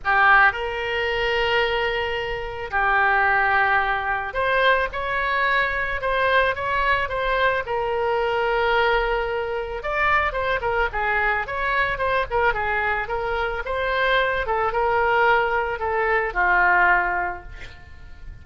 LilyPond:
\new Staff \with { instrumentName = "oboe" } { \time 4/4 \tempo 4 = 110 g'4 ais'2.~ | ais'4 g'2. | c''4 cis''2 c''4 | cis''4 c''4 ais'2~ |
ais'2 d''4 c''8 ais'8 | gis'4 cis''4 c''8 ais'8 gis'4 | ais'4 c''4. a'8 ais'4~ | ais'4 a'4 f'2 | }